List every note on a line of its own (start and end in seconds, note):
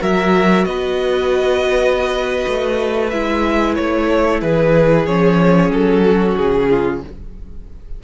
0.00 0.66 F#3
0.00 3.10 F#4
0.00 0.66 A#4
0.00 0.65 E5
0.65 2.45 B3
0.65 4.09 B4
0.65 3.09 D#5
2.48 3.13 A3
3.10 3.78 G#3
3.10 5.07 E4
3.10 3.75 E5
3.76 4.42 A3
3.76 4.41 C#5
4.09 4.41 A4
4.41 5.07 E3
4.41 6.04 G#4
4.41 5.07 B4
5.07 5.71 F3
5.07 7.03 C#4
5.07 5.72 C#5
5.71 6.36 F#3
5.71 6.37 A4
6.04 6.69 F#4
6.37 7.04 C#3
6.37 7.02 G#4
6.70 7.03 F4